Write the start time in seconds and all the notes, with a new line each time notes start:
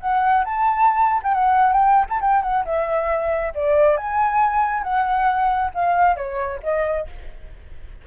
0.00 F#5
0.44 A5
1.23 G5
1.34 F#5
1.72 G5
2.09 A5
2.21 G5
2.42 F#5
2.65 E5
3.54 D5
3.97 G#5
4.82 F#5
5.74 F5
6.16 C#5
6.63 D#5